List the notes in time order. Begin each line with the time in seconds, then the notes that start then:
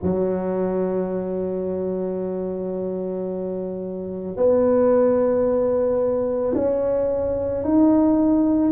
0.02 F#3
4.36 B3
6.55 C#4
7.63 D#4